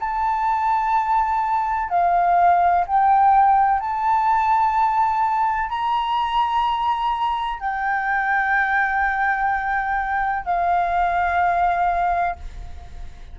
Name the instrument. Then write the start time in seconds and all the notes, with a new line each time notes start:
flute
0.00 A5
1.90 F5
2.87 G5
3.81 A5
5.70 A#5
7.60 G5
10.45 F5